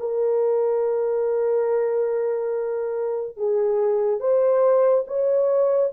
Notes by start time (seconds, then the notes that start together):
0.00 A#4
3.37 G#4
4.21 C5
5.08 C#5